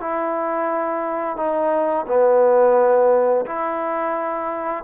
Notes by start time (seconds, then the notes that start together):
0.00 E4
1.36 D#4
2.07 B3
3.46 E4